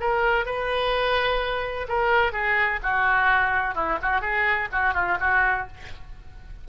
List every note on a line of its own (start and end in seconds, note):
0.00 0.46 A#4
0.46 1.87 B4
1.88 2.32 A#4
2.32 2.80 G#4
2.83 3.75 F#4
3.75 3.98 E4
4.02 4.21 F#4
4.21 4.68 G#4
4.72 4.94 F#4
4.94 5.18 F4
5.20 5.67 F#4